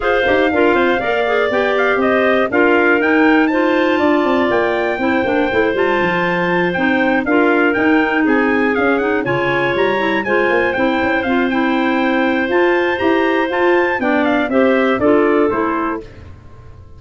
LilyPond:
<<
  \new Staff \with { instrumentName = "trumpet" } { \time 4/4 \tempo 4 = 120 f''2. g''8 f''8 | dis''4 f''4 g''4 a''4~ | a''4 g''2~ g''8 a''8~ | a''4. g''4 f''4 g''8~ |
g''8 gis''4 f''8 fis''8 gis''4 ais''8~ | ais''8 gis''4 g''4 f''8 g''4~ | g''4 a''4 ais''4 a''4 | g''8 f''8 e''4 d''4 c''4 | }
  \new Staff \with { instrumentName = "clarinet" } { \time 4/4 c''4 ais'8 c''8 d''2 | c''4 ais'2 c''4 | d''2 c''2~ | c''2~ c''8 ais'4.~ |
ais'8 gis'2 cis''4.~ | cis''8 c''2.~ c''8~ | c''1 | d''4 c''4 a'2 | }
  \new Staff \with { instrumentName = "clarinet" } { \time 4/4 gis'8 g'8 f'4 ais'8 gis'8 g'4~ | g'4 f'4 dis'4 f'4~ | f'2 e'8 d'8 e'8 f'8~ | f'4. dis'4 f'4 dis'8~ |
dis'4. cis'8 dis'8 f'4. | e'8 f'4 e'4 f'8 e'4~ | e'4 f'4 g'4 f'4 | d'4 g'4 f'4 e'4 | }
  \new Staff \with { instrumentName = "tuba" } { \time 4/4 f'8 dis'8 d'8 c'8 ais4 b4 | c'4 d'4 dis'2 | d'8 c'8 ais4 c'8 ais8 a8 g8 | f4. c'4 d'4 dis'8~ |
dis'8 c'4 cis'4 cis4 g8~ | g8 gis8 ais8 c'8 cis'8 c'4.~ | c'4 f'4 e'4 f'4 | b4 c'4 d'4 a4 | }
>>